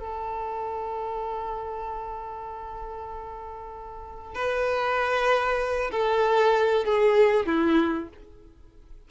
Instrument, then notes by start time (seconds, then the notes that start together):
violin
0.00 A4
4.35 B4
5.92 A4
6.85 G#4
7.46 E4